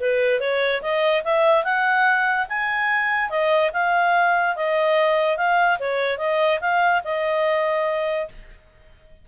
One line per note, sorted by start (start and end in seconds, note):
0.00 0.40 B4
0.40 0.81 C#5
0.82 1.23 D#5
1.24 1.64 E5
1.64 2.47 F#5
2.49 3.30 G#5
3.30 3.71 D#5
3.73 4.56 F5
4.56 5.37 D#5
5.37 5.78 F5
5.79 6.18 C#5
6.18 6.59 D#5
6.61 7.02 F5
7.04 8.29 D#5